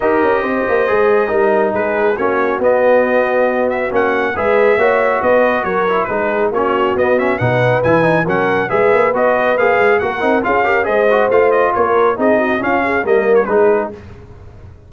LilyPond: <<
  \new Staff \with { instrumentName = "trumpet" } { \time 4/4 \tempo 4 = 138 dis''1 | b'4 cis''4 dis''2~ | dis''8 e''8 fis''4 e''2 | dis''4 cis''4 b'4 cis''4 |
dis''8 e''8 fis''4 gis''4 fis''4 | e''4 dis''4 f''4 fis''4 | f''4 dis''4 f''8 dis''8 cis''4 | dis''4 f''4 dis''8. cis''16 b'4 | }
  \new Staff \with { instrumentName = "horn" } { \time 4/4 ais'4 c''2 ais'4 | gis'4 fis'2.~ | fis'2 b'4 cis''4 | b'4 ais'4 gis'4 fis'4~ |
fis'4 b'2 ais'4 | b'2. ais'4 | gis'8 ais'8 c''2 ais'4 | gis'8 fis'8 f'8 gis'8 ais'4 gis'4 | }
  \new Staff \with { instrumentName = "trombone" } { \time 4/4 g'2 gis'4 dis'4~ | dis'4 cis'4 b2~ | b4 cis'4 gis'4 fis'4~ | fis'4. e'8 dis'4 cis'4 |
b8 cis'8 dis'4 e'8 dis'8 cis'4 | gis'4 fis'4 gis'4 fis'8 dis'8 | f'8 g'8 gis'8 fis'8 f'2 | dis'4 cis'4 ais4 dis'4 | }
  \new Staff \with { instrumentName = "tuba" } { \time 4/4 dis'8 cis'8 c'8 ais8 gis4 g4 | gis4 ais4 b2~ | b4 ais4 gis4 ais4 | b4 fis4 gis4 ais4 |
b4 b,4 e4 fis4 | gis8 ais8 b4 ais8 gis8 ais8 c'8 | cis'4 gis4 a4 ais4 | c'4 cis'4 g4 gis4 | }
>>